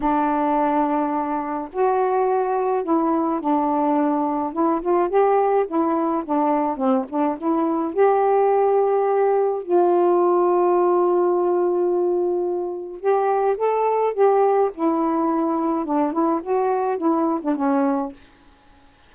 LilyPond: \new Staff \with { instrumentName = "saxophone" } { \time 4/4 \tempo 4 = 106 d'2. fis'4~ | fis'4 e'4 d'2 | e'8 f'8 g'4 e'4 d'4 | c'8 d'8 e'4 g'2~ |
g'4 f'2.~ | f'2. g'4 | a'4 g'4 e'2 | d'8 e'8 fis'4 e'8. d'16 cis'4 | }